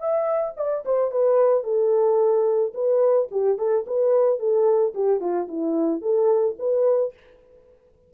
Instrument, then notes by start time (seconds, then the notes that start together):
horn
0.00 E5
0.57 D5
0.86 C5
1.12 B4
1.64 A4
2.74 B4
3.31 G4
3.59 A4
3.87 B4
4.40 A4
4.95 G4
5.21 F4
5.48 E4
6.02 A4
6.59 B4